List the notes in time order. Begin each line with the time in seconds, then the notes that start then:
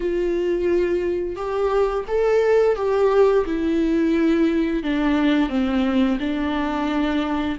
0.00 F4
1.35 G4
2.07 A4
2.76 G4
3.45 E4
4.83 D4
5.49 C4
6.19 D4